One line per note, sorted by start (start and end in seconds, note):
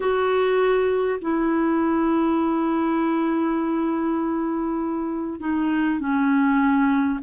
0.00 1.19 F#4
1.21 5.40 E4
5.40 5.99 D#4
5.99 7.19 C#4